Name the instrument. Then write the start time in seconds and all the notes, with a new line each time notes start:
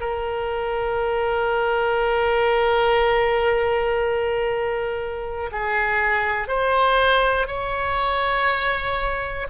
oboe
0.00 A#4
5.52 G#4
6.48 C5
7.47 C#5